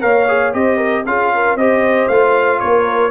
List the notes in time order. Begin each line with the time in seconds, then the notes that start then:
0.00 A#3 A#4 C#5 F5
0.28 G#4
0.52 C4 G4 C5 D#5
0.77 A#4
1.06 C#4 F4 G#4 F5
1.34 A#4
1.55 C4 G4 C5 D#5
2.08 A3 F4 F5
2.59 A#3 A#4 C#5